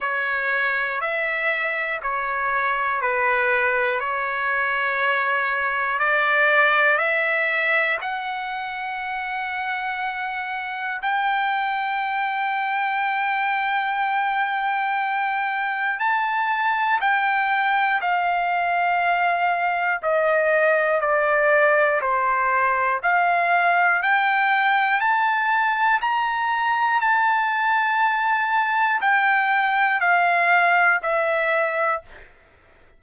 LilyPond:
\new Staff \with { instrumentName = "trumpet" } { \time 4/4 \tempo 4 = 60 cis''4 e''4 cis''4 b'4 | cis''2 d''4 e''4 | fis''2. g''4~ | g''1 |
a''4 g''4 f''2 | dis''4 d''4 c''4 f''4 | g''4 a''4 ais''4 a''4~ | a''4 g''4 f''4 e''4 | }